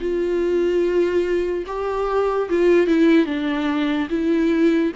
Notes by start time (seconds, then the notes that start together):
0.00 F4
1.66 G4
2.49 F4
2.87 E4
3.25 D4
4.09 E4